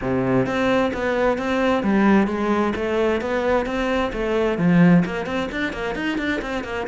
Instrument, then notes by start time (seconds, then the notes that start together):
cello
0.01 C3
0.46 C4
0.93 B3
1.37 C4
1.83 G3
2.27 G#3
2.75 A3
3.21 B3
3.65 C4
4.12 A3
4.58 F3
5.05 A#3
5.25 C4
5.51 D4
5.72 A#3
5.95 D#4
6.18 D4
6.41 C4
6.63 A#3